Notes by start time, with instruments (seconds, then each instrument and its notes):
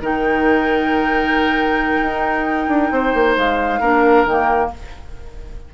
0.00 bassoon D#3, clarinet D#4, oboe A#4, flute G5
2.01 bassoon D#4
2.67 bassoon D4
2.91 bassoon C4, oboe C5
3.14 bassoon A#3
3.37 bassoon G#3, flute F5
3.80 bassoon A#3, clarinet D4, oboe A#4
4.25 bassoon D#3, clarinet A#3, flute G5